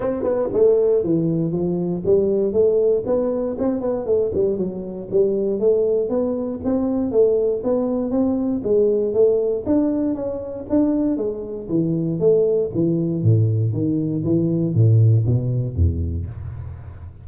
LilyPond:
\new Staff \with { instrumentName = "tuba" } { \time 4/4 \tempo 4 = 118 c'8 b8 a4 e4 f4 | g4 a4 b4 c'8 b8 | a8 g8 fis4 g4 a4 | b4 c'4 a4 b4 |
c'4 gis4 a4 d'4 | cis'4 d'4 gis4 e4 | a4 e4 a,4 dis4 | e4 a,4 b,4 e,4 | }